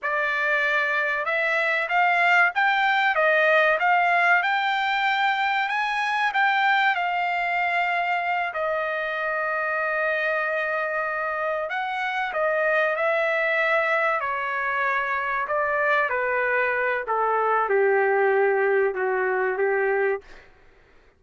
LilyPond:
\new Staff \with { instrumentName = "trumpet" } { \time 4/4 \tempo 4 = 95 d''2 e''4 f''4 | g''4 dis''4 f''4 g''4~ | g''4 gis''4 g''4 f''4~ | f''4. dis''2~ dis''8~ |
dis''2~ dis''8 fis''4 dis''8~ | dis''8 e''2 cis''4.~ | cis''8 d''4 b'4. a'4 | g'2 fis'4 g'4 | }